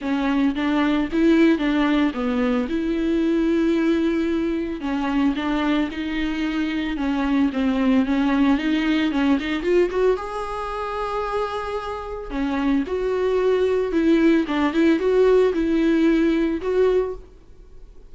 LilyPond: \new Staff \with { instrumentName = "viola" } { \time 4/4 \tempo 4 = 112 cis'4 d'4 e'4 d'4 | b4 e'2.~ | e'4 cis'4 d'4 dis'4~ | dis'4 cis'4 c'4 cis'4 |
dis'4 cis'8 dis'8 f'8 fis'8 gis'4~ | gis'2. cis'4 | fis'2 e'4 d'8 e'8 | fis'4 e'2 fis'4 | }